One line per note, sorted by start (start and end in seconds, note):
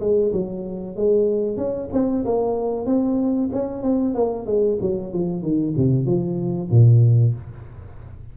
0.00 0.32 G#3
0.33 0.96 F#3
0.96 1.57 G#3
1.57 1.89 C#4
1.93 2.25 C4
2.25 2.86 A#3
2.86 3.50 C4
3.53 3.83 C#4
3.83 4.15 C4
4.15 4.46 A#3
4.46 4.78 G#3
4.81 5.13 F#3
5.13 5.42 F3
5.42 5.74 D#3
5.77 6.06 C3
6.06 6.70 F3
6.71 7.35 A#2